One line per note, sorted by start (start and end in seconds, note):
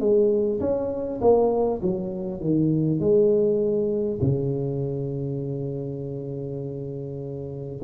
0.00 0.60 G#3
0.61 1.21 C#4
1.21 1.81 A#3
1.82 2.41 F#3
2.41 3.00 D#3
3.00 4.20 G#3
4.22 7.82 C#3